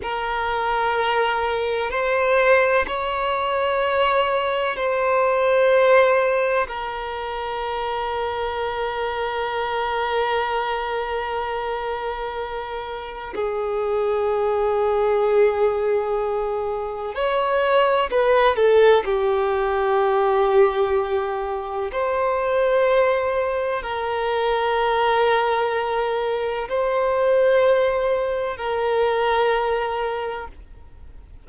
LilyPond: \new Staff \with { instrumentName = "violin" } { \time 4/4 \tempo 4 = 63 ais'2 c''4 cis''4~ | cis''4 c''2 ais'4~ | ais'1~ | ais'2 gis'2~ |
gis'2 cis''4 b'8 a'8 | g'2. c''4~ | c''4 ais'2. | c''2 ais'2 | }